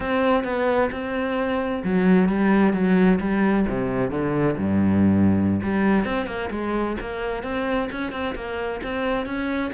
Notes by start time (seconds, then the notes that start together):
0.00 C4
0.44 B3
0.91 C4
1.84 F#3
2.28 G3
2.73 F#3
3.20 G3
3.67 C3
4.10 D3
4.57 G2
5.63 G3
6.05 C4
6.26 A#3
6.51 G#3
7.00 A#3
7.43 C4
7.91 C#4
8.12 C4
8.35 A#3
8.83 C4
9.25 C#4